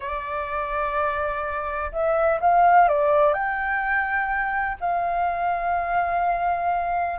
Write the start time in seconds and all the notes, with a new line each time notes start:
0.00 D5
1.91 E5
2.40 F5
2.88 D5
3.33 G5
4.80 F5